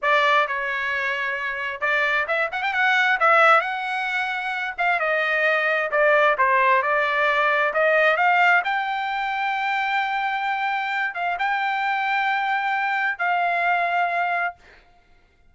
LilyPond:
\new Staff \with { instrumentName = "trumpet" } { \time 4/4 \tempo 4 = 132 d''4 cis''2. | d''4 e''8 fis''16 g''16 fis''4 e''4 | fis''2~ fis''8 f''8 dis''4~ | dis''4 d''4 c''4 d''4~ |
d''4 dis''4 f''4 g''4~ | g''1~ | g''8 f''8 g''2.~ | g''4 f''2. | }